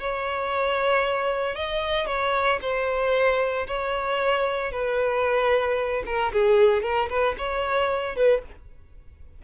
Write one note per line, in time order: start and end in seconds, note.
0.00 1.55 C#5
1.55 2.06 D#5
2.06 2.59 C#5
2.61 3.66 C5
3.67 4.72 C#5
4.72 6.03 B4
6.06 6.32 A#4
6.32 6.82 G#4
6.82 7.09 A#4
7.09 7.35 B4
7.38 8.16 C#5
8.16 8.42 B4